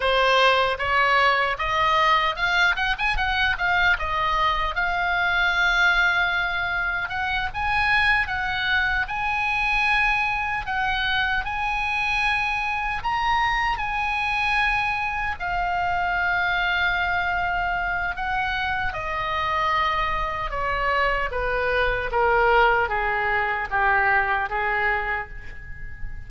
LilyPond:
\new Staff \with { instrumentName = "oboe" } { \time 4/4 \tempo 4 = 76 c''4 cis''4 dis''4 f''8 fis''16 gis''16 | fis''8 f''8 dis''4 f''2~ | f''4 fis''8 gis''4 fis''4 gis''8~ | gis''4. fis''4 gis''4.~ |
gis''8 ais''4 gis''2 f''8~ | f''2. fis''4 | dis''2 cis''4 b'4 | ais'4 gis'4 g'4 gis'4 | }